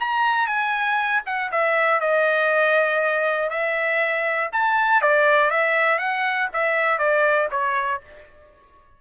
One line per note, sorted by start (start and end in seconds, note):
0.00 0.47 A#5
0.47 1.22 G#5
1.26 1.51 F#5
1.51 2.00 E5
2.00 3.50 D#5
3.50 4.50 E5
4.52 5.02 A5
5.02 5.50 D5
5.50 5.98 E5
5.98 6.48 F#5
6.53 6.98 E5
6.98 7.48 D5
7.51 8.01 C#5